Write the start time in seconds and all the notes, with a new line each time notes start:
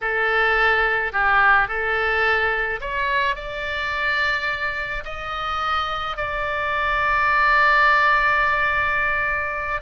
0.01 A4
1.12 G4
1.67 A4
2.80 C#5
3.35 D5
5.04 D#5
6.17 D5